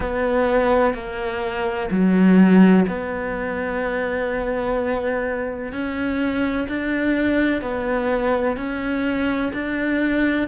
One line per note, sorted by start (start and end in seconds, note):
0.00 0.94 B3
0.94 1.89 A#3
1.90 2.86 F#3
2.87 5.72 B3
5.72 6.67 C#4
6.68 7.61 D4
7.61 8.57 B3
8.57 9.52 C#4
9.53 10.47 D4